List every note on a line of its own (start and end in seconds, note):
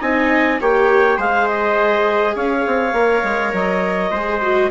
0.00 0.60 C4
0.00 0.59 D#4
0.00 0.59 D#5
0.00 0.60 G#5
0.60 1.18 A#3
0.60 1.18 G4
0.60 1.17 C#5
0.60 1.20 G5
1.17 2.35 G#3
1.17 2.94 G#4
1.17 2.35 C5
1.17 1.47 F5
1.47 2.35 D#5
2.35 2.65 C#4
2.35 4.11 C#5
2.35 3.54 F5
2.66 2.93 C4
2.93 3.22 A#3
2.93 4.12 A#4
3.23 3.53 G#3
3.53 4.11 F#3
3.53 4.70 D#5
4.11 4.70 G#3
4.11 4.42 G#4
4.11 4.70 C5
4.42 4.70 F#4